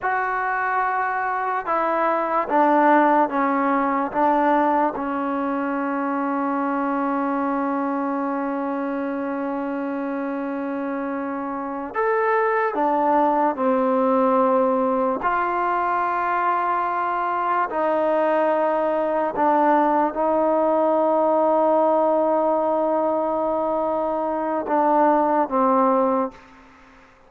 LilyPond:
\new Staff \with { instrumentName = "trombone" } { \time 4/4 \tempo 4 = 73 fis'2 e'4 d'4 | cis'4 d'4 cis'2~ | cis'1~ | cis'2~ cis'8 a'4 d'8~ |
d'8 c'2 f'4.~ | f'4. dis'2 d'8~ | d'8 dis'2.~ dis'8~ | dis'2 d'4 c'4 | }